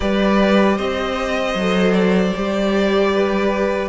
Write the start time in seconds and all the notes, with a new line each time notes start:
0.00 G3 G4 B4 D5
0.76 C4 C5 D#5
1.54 F#3 A4
1.93 D5
2.35 G3 G4
3.13 B4